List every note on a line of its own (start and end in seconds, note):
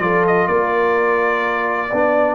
0.00 0.47 F3
0.00 1.89 F4
0.00 0.50 A4
0.00 0.25 D5
0.28 0.48 D#5
0.48 1.90 A#3
0.48 1.90 A#4
0.48 2.35 D5
1.90 2.35 B3
1.90 2.35 D4
1.90 2.35 D5